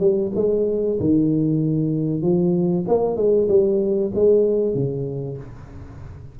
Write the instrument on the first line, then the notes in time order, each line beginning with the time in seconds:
tuba
0.00 G3
0.35 G#3
1.00 D#3
2.22 F3
2.88 A#3
3.17 G#3
3.48 G3
4.15 G#3
4.74 C#3